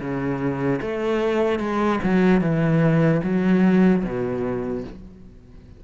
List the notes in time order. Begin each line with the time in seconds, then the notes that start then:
0.00 C#3
0.81 A3
1.59 G#3
2.03 F#3
2.41 E3
3.23 F#3
4.04 B2